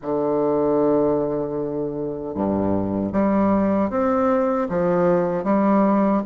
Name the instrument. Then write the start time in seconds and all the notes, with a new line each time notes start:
bassoon
0.02 D3
2.34 G2
3.12 G3
3.90 C4
4.69 F3
5.44 G3